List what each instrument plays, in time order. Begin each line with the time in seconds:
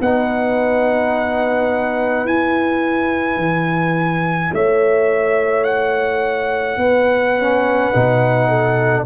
0.00 tuba B3, trombone D#4, horn B4, trumpet F#5
2.25 tuba E4, trombone E4, trumpet G#5
3.37 tuba E3
4.53 tuba A3, horn C#5, trumpet E5
5.64 trumpet F#5
6.77 tuba B3, horn B4
7.37 trombone C#4
7.93 tuba B2, trombone D#4
8.48 horn A4